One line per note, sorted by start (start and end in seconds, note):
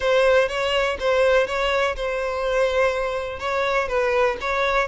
0.00 0.48 C5
0.48 0.97 C#5
0.99 1.46 C5
1.46 1.95 C#5
1.95 3.39 C5
3.39 3.88 C#5
3.88 4.36 B4
4.41 4.87 C#5